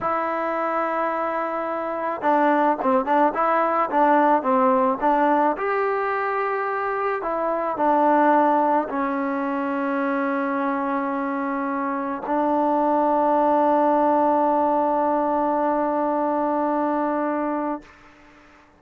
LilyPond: \new Staff \with { instrumentName = "trombone" } { \time 4/4 \tempo 4 = 108 e'1 | d'4 c'8 d'8 e'4 d'4 | c'4 d'4 g'2~ | g'4 e'4 d'2 |
cis'1~ | cis'2 d'2~ | d'1~ | d'1 | }